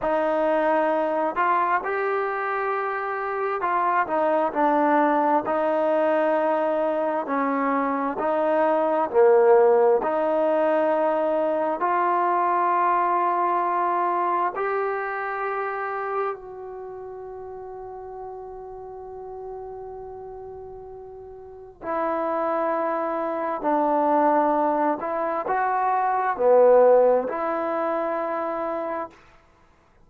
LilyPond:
\new Staff \with { instrumentName = "trombone" } { \time 4/4 \tempo 4 = 66 dis'4. f'8 g'2 | f'8 dis'8 d'4 dis'2 | cis'4 dis'4 ais4 dis'4~ | dis'4 f'2. |
g'2 fis'2~ | fis'1 | e'2 d'4. e'8 | fis'4 b4 e'2 | }